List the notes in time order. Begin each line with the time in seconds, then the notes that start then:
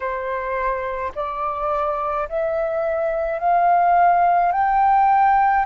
0.00 C5
1.15 D5
2.28 E5
3.39 F5
4.51 G5